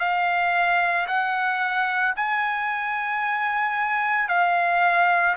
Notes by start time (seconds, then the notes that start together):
0.00 F5
1.07 F#5
2.16 G#5
4.29 F5